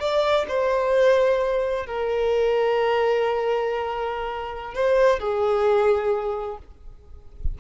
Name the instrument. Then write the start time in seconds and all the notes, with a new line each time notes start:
violin
0.00 D5
0.48 C5
1.86 A#4
4.74 C5
5.20 G#4